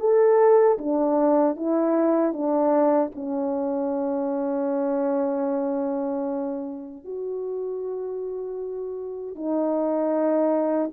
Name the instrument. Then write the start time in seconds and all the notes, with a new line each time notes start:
horn
0.00 A4
0.78 D4
1.56 E4
2.33 D4
3.15 C#4
7.04 F#4
9.35 D#4